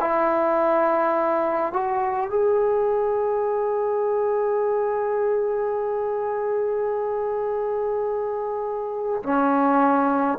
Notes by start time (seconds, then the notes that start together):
0.00 E4
1.73 F#4
2.30 G#4
9.23 C#4